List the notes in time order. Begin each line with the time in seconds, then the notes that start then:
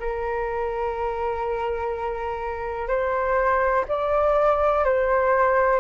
0.00 A#4
2.88 C5
3.89 D5
4.85 C5